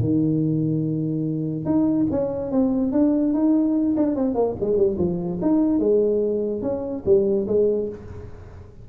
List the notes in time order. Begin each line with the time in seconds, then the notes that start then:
0.00 D#3
1.65 D#4
2.10 C#4
2.51 C4
2.92 D4
3.33 D#4
3.96 D4
4.15 C4
4.34 A#3
4.60 G#3
4.76 G3
4.98 F3
5.41 D#4
5.79 G#3
6.62 C#4
7.06 G3
7.47 G#3